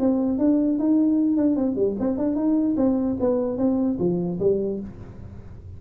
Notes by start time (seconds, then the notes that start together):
0.00 C4
0.39 D4
0.79 D#4
1.37 D4
1.56 C4
1.76 G3
2.00 C4
2.18 D4
2.36 D#4
2.77 C4
3.20 B3
3.58 C4
3.99 F3
4.40 G3